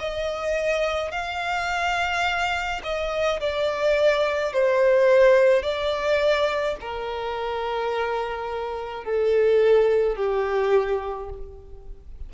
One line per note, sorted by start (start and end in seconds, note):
0.00 1.12 D#5
1.12 2.82 F5
2.84 3.40 D#5
3.41 4.53 D5
4.53 5.63 C5
5.63 6.76 D5
6.81 9.05 A#4
9.05 10.16 A4
10.16 11.30 G4